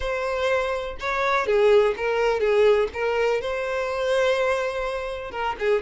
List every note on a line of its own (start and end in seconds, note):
0.00 0.96 C5
1.00 1.46 C#5
1.46 1.94 G#4
1.97 2.40 A#4
2.40 2.88 G#4
2.93 3.41 A#4
3.41 5.31 C5
5.31 5.55 A#4
5.59 5.81 G#4